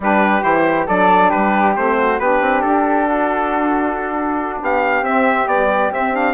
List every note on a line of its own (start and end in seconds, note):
0.00 0.42 G3
0.00 0.41 D4
0.00 0.86 G4
0.00 0.43 B4
0.41 0.87 E3
0.41 0.85 E4
0.41 0.87 C5
0.86 1.32 F#3
0.86 1.75 D4
0.86 1.29 A4
0.86 1.31 D5
1.29 1.76 G3
1.29 1.95 G4
1.29 1.74 B4
1.75 2.19 A3
1.75 2.19 C4
1.75 2.19 C5
1.97 2.19 F#4
2.19 2.41 B3
2.19 5.04 D4
2.19 3.07 G4
2.19 2.61 B4
2.41 2.63 C4
2.61 4.61 D4
2.61 4.58 A4
3.07 4.60 F#4
4.61 5.01 B3
4.61 6.34 G4
4.61 5.04 F5
5.01 5.45 C4
5.01 5.48 C4
5.01 5.48 E5
5.46 5.92 G3
5.46 5.90 B3
5.46 5.91 D5
5.92 6.34 C4
5.92 6.12 C4
5.92 6.15 E5
6.12 6.34 D4
6.12 6.34 F5